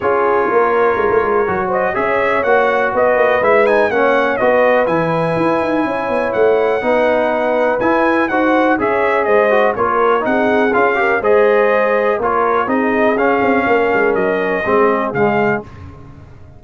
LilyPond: <<
  \new Staff \with { instrumentName = "trumpet" } { \time 4/4 \tempo 4 = 123 cis''2.~ cis''8 dis''8 | e''4 fis''4 dis''4 e''8 gis''8 | fis''4 dis''4 gis''2~ | gis''4 fis''2. |
gis''4 fis''4 e''4 dis''4 | cis''4 fis''4 f''4 dis''4~ | dis''4 cis''4 dis''4 f''4~ | f''4 dis''2 f''4 | }
  \new Staff \with { instrumentName = "horn" } { \time 4/4 gis'4 ais'2~ ais'8 c''8 | cis''2 b'2 | cis''4 b'2. | cis''2 b'2~ |
b'4 c''4 cis''4 c''4 | ais'4 gis'4. ais'8 c''4~ | c''4 ais'4 gis'2 | ais'2 gis'2 | }
  \new Staff \with { instrumentName = "trombone" } { \time 4/4 f'2. fis'4 | gis'4 fis'2 e'8 dis'8 | cis'4 fis'4 e'2~ | e'2 dis'2 |
e'4 fis'4 gis'4. fis'8 | f'4 dis'4 f'8 g'8 gis'4~ | gis'4 f'4 dis'4 cis'4~ | cis'2 c'4 gis4 | }
  \new Staff \with { instrumentName = "tuba" } { \time 4/4 cis'4 ais4 gis16 a16 gis8 fis4 | cis'4 ais4 b8 ais8 gis4 | ais4 b4 e4 e'8 dis'8 | cis'8 b8 a4 b2 |
e'4 dis'4 cis'4 gis4 | ais4 c'4 cis'4 gis4~ | gis4 ais4 c'4 cis'8 c'8 | ais8 gis8 fis4 gis4 cis4 | }
>>